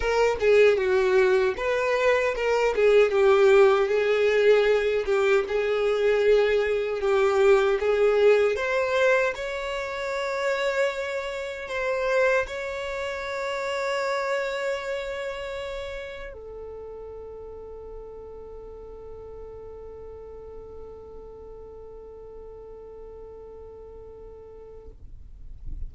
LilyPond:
\new Staff \with { instrumentName = "violin" } { \time 4/4 \tempo 4 = 77 ais'8 gis'8 fis'4 b'4 ais'8 gis'8 | g'4 gis'4. g'8 gis'4~ | gis'4 g'4 gis'4 c''4 | cis''2. c''4 |
cis''1~ | cis''4 a'2.~ | a'1~ | a'1 | }